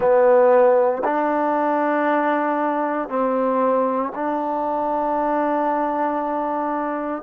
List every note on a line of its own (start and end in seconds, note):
0.00 1.03 B3
1.03 3.08 D4
3.08 4.12 C4
4.14 7.22 D4